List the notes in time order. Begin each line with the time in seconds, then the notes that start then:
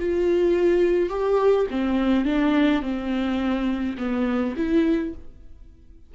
0.00 F4
1.10 G4
1.71 C4
2.25 D4
2.83 C4
3.98 B3
4.57 E4